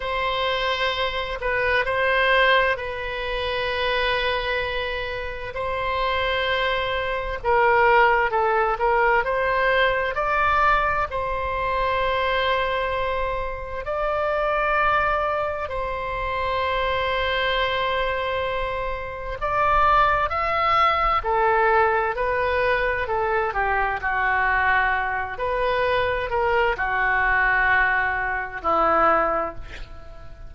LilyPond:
\new Staff \with { instrumentName = "oboe" } { \time 4/4 \tempo 4 = 65 c''4. b'8 c''4 b'4~ | b'2 c''2 | ais'4 a'8 ais'8 c''4 d''4 | c''2. d''4~ |
d''4 c''2.~ | c''4 d''4 e''4 a'4 | b'4 a'8 g'8 fis'4. b'8~ | b'8 ais'8 fis'2 e'4 | }